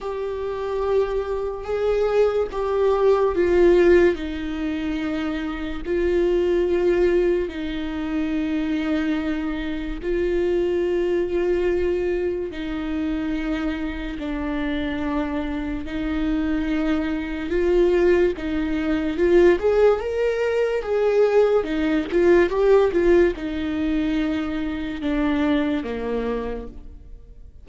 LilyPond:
\new Staff \with { instrumentName = "viola" } { \time 4/4 \tempo 4 = 72 g'2 gis'4 g'4 | f'4 dis'2 f'4~ | f'4 dis'2. | f'2. dis'4~ |
dis'4 d'2 dis'4~ | dis'4 f'4 dis'4 f'8 gis'8 | ais'4 gis'4 dis'8 f'8 g'8 f'8 | dis'2 d'4 ais4 | }